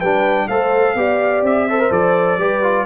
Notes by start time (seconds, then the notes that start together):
0.00 G3 D4 B4 G5
0.49 A3 A4 C5 F5
0.95 B3 G4 D5
1.43 C4 E5
1.69 A4 C5
1.80 A#4
1.91 F3 A4 D5
2.38 G3 G4 B4
2.63 F4